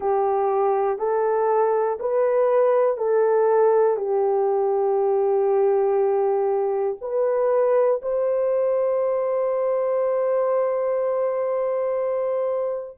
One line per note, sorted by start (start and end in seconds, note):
0.00 0.98 G4
0.98 1.98 A4
2.00 2.97 B4
2.97 3.96 A4
3.96 6.96 G4
7.00 8.00 B4
8.01 12.98 C5